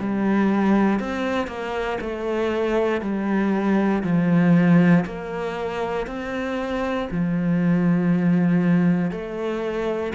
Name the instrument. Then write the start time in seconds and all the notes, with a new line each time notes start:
cello
0.00 G3
1.00 C4
1.47 A#3
2.01 A3
3.01 G3
4.04 F3
5.06 A#3
6.07 C4
7.11 F3
9.12 A3